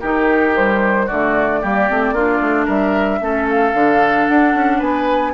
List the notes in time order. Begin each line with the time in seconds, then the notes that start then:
0.00 D#3 D#4 G4 A#4
0.55 G3 C5
1.06 D3 A3 F#4 D5
1.61 G3 A#3 G4
1.89 A3 C4
2.12 A#3 D4 F4
2.40 A3
2.65 G3 A#4 E5
3.20 A3 C#4 A4
3.49 F5
3.74 D3 D4
4.27 D4 F#5
4.54 C#4
4.78 B3 B4 G#5